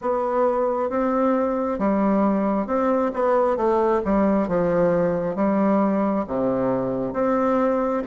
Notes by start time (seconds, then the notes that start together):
0.01 B3
0.89 C4
1.79 G3
2.66 C4
3.13 B3
3.57 A3
4.05 G3
4.48 F3
5.35 G3
6.27 C3
7.13 C4